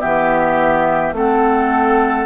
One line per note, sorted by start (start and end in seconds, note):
0.00 1.12 E3
0.00 1.13 B3
0.00 1.13 G4
0.00 1.14 E5
1.12 2.25 A3
1.12 2.25 C4
1.12 2.25 A4
1.12 2.25 F#5